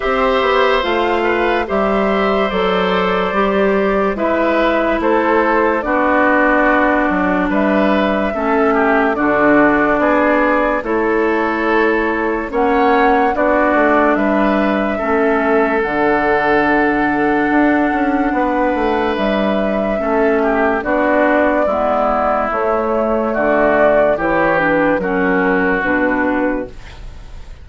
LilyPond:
<<
  \new Staff \with { instrumentName = "flute" } { \time 4/4 \tempo 4 = 72 e''4 f''4 e''4 d''4~ | d''4 e''4 c''4 d''4~ | d''4 e''2 d''4~ | d''4 cis''2 fis''4 |
d''4 e''2 fis''4~ | fis''2. e''4~ | e''4 d''2 cis''4 | d''4 cis''8 b'8 ais'4 b'4 | }
  \new Staff \with { instrumentName = "oboe" } { \time 4/4 c''4. b'8 c''2~ | c''4 b'4 a'4 fis'4~ | fis'4 b'4 a'8 g'8 fis'4 | gis'4 a'2 cis''4 |
fis'4 b'4 a'2~ | a'2 b'2 | a'8 g'8 fis'4 e'2 | fis'4 g'4 fis'2 | }
  \new Staff \with { instrumentName = "clarinet" } { \time 4/4 g'4 f'4 g'4 a'4 | g'4 e'2 d'4~ | d'2 cis'4 d'4~ | d'4 e'2 cis'4 |
d'2 cis'4 d'4~ | d'1 | cis'4 d'4 b4 a4~ | a4 e'8 d'8 cis'4 d'4 | }
  \new Staff \with { instrumentName = "bassoon" } { \time 4/4 c'8 b8 a4 g4 fis4 | g4 gis4 a4 b4~ | b8 fis8 g4 a4 d4 | b4 a2 ais4 |
b8 a8 g4 a4 d4~ | d4 d'8 cis'8 b8 a8 g4 | a4 b4 gis4 a4 | d4 e4 fis4 b,4 | }
>>